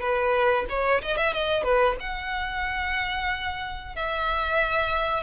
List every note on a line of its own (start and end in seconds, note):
0.00 0.65 B4
0.69 1.02 C#5
1.02 1.17 D#5
1.17 1.33 E5
1.33 1.63 D#5
1.63 1.96 B4
2.00 3.95 F#5
3.95 5.23 E5